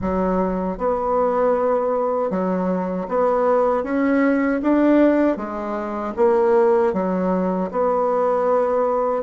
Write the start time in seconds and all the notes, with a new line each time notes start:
0.01 F#3
0.77 B3
2.30 F#3
3.08 B3
3.83 C#4
4.62 D4
5.36 G#3
6.16 A#3
6.93 F#3
7.71 B3